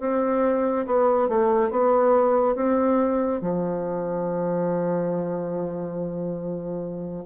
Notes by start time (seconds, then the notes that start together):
0.00 C4
0.86 B3
1.29 A3
1.71 B3
2.56 C4
3.41 F3